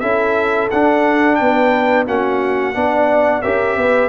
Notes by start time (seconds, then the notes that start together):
0.00 C#4 E4 A4 E5
0.70 D4 F#5
1.36 B3 B4 G5
2.07 A#3 C#4 F#4 F#5
2.74 B3 D4 D5
3.42 C#4 G4 A#4 E5
3.77 B3 B4